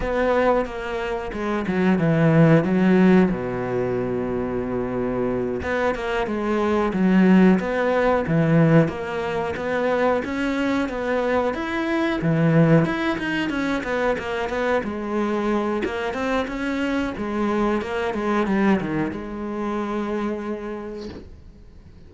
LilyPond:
\new Staff \with { instrumentName = "cello" } { \time 4/4 \tempo 4 = 91 b4 ais4 gis8 fis8 e4 | fis4 b,2.~ | b,8 b8 ais8 gis4 fis4 b8~ | b8 e4 ais4 b4 cis'8~ |
cis'8 b4 e'4 e4 e'8 | dis'8 cis'8 b8 ais8 b8 gis4. | ais8 c'8 cis'4 gis4 ais8 gis8 | g8 dis8 gis2. | }